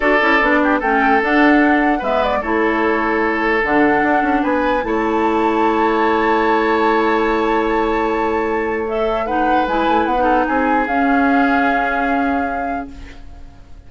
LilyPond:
<<
  \new Staff \with { instrumentName = "flute" } { \time 4/4 \tempo 4 = 149 d''2 g''4 fis''4~ | fis''4 e''8 d''8 cis''2~ | cis''4 fis''2 gis''4 | a''1~ |
a''1~ | a''2 e''4 fis''4 | gis''4 fis''4 gis''4 f''4~ | f''1 | }
  \new Staff \with { instrumentName = "oboe" } { \time 4/4 a'4. g'8 a'2~ | a'4 b'4 a'2~ | a'2. b'4 | cis''1~ |
cis''1~ | cis''2. b'4~ | b'4. a'8 gis'2~ | gis'1 | }
  \new Staff \with { instrumentName = "clarinet" } { \time 4/4 fis'8 e'8 d'4 cis'4 d'4~ | d'4 b4 e'2~ | e'4 d'2. | e'1~ |
e'1~ | e'2 a'4 dis'4 | e'4~ e'16 dis'4.~ dis'16 cis'4~ | cis'1 | }
  \new Staff \with { instrumentName = "bassoon" } { \time 4/4 d'8 cis'8 b4 a4 d'4~ | d'4 gis4 a2~ | a4 d4 d'8 cis'8 b4 | a1~ |
a1~ | a1 | gis8 a8 b4 c'4 cis'4~ | cis'1 | }
>>